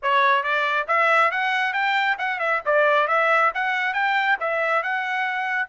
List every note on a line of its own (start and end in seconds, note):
0.02 0.43 C#5
0.43 0.86 D5
0.87 1.31 E5
1.31 1.73 F#5
1.73 2.17 G5
2.18 2.39 F#5
2.39 2.61 E5
2.65 3.07 D5
3.07 3.51 E5
3.54 3.93 F#5
3.93 4.37 G5
4.40 4.83 E5
4.83 5.68 F#5